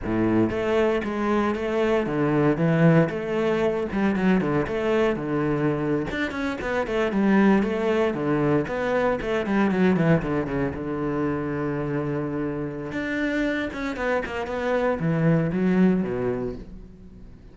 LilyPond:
\new Staff \with { instrumentName = "cello" } { \time 4/4 \tempo 4 = 116 a,4 a4 gis4 a4 | d4 e4 a4. g8 | fis8 d8 a4 d4.~ d16 d'16~ | d'16 cis'8 b8 a8 g4 a4 d16~ |
d8. b4 a8 g8 fis8 e8 d16~ | d16 cis8 d2.~ d16~ | d4 d'4. cis'8 b8 ais8 | b4 e4 fis4 b,4 | }